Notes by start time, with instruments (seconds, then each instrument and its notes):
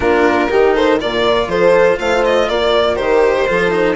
0.00 bassoon A#3, cello D4, horn F4, violin A#4
0.49 bassoon D#3, cello D#4, horn G4
0.74 horn A4, violin C5
1.00 bassoon A#2, cello F4, horn A#4, violin D5
1.47 bassoon F3, horn A4, violin C5
1.99 bassoon A3, horn C5, violin F5
2.24 violin D#5
2.48 bassoon A#3, horn A#4, violin D5
2.95 bassoon D#3, cello G4, violin C5
3.47 bassoon F3, cello F4, horn A4
3.70 cello D#4